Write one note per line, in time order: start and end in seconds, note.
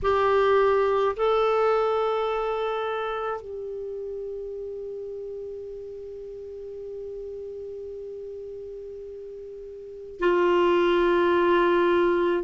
0.02 1.15 G4
1.16 3.41 A4
3.41 10.19 G4
10.19 12.43 F4